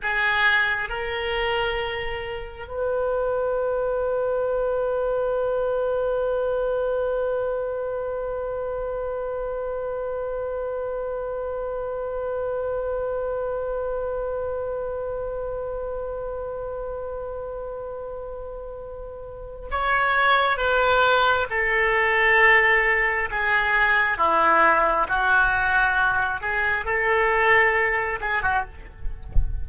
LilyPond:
\new Staff \with { instrumentName = "oboe" } { \time 4/4 \tempo 4 = 67 gis'4 ais'2 b'4~ | b'1~ | b'1~ | b'1~ |
b'1~ | b'2 cis''4 b'4 | a'2 gis'4 e'4 | fis'4. gis'8 a'4. gis'16 fis'16 | }